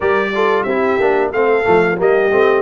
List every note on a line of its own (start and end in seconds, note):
0.00 0.65 G3
0.00 0.33 G4
0.00 0.31 A#4
0.00 0.63 D5
0.34 0.67 F4
0.34 0.64 A4
0.63 0.98 C4
0.63 1.30 G4
0.63 1.29 E5
0.69 1.00 E4
0.99 1.32 A#3
0.99 1.33 D4
1.32 1.65 A3
1.32 1.63 C4
1.32 1.99 A4
1.32 1.98 F5
1.63 2.00 F3
1.63 1.96 A3
1.97 2.31 G3
1.97 2.30 A#3
1.97 2.61 G4
1.97 2.61 D#5
2.31 2.61 A3
2.31 2.61 C4